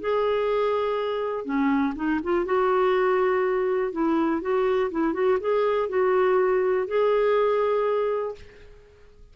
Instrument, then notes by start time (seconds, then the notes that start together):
clarinet
0.00 G#4
1.45 C#4
1.95 D#4
2.23 F4
2.45 F#4
3.92 E4
4.41 F#4
4.91 E4
5.13 F#4
5.40 G#4
5.89 F#4
6.87 G#4